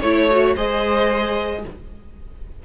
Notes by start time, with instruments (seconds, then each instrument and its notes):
0.00 cello A3, viola E4, violin C#5
0.31 viola F#4
0.55 cello G#3, viola G#4, violin C5 D#5